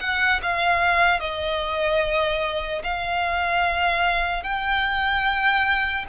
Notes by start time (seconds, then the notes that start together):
0.00 F#5
0.42 F5
1.20 D#5
2.84 F5
4.43 G5